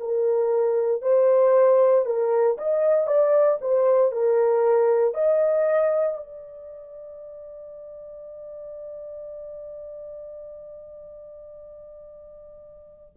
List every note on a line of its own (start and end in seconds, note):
0.00 1.02 A#4
1.02 2.05 C5
2.06 2.58 A#4
2.58 3.07 D#5
3.07 3.59 D5
3.61 4.12 C5
4.12 5.14 A#4
5.14 6.18 D#5
6.18 13.16 D5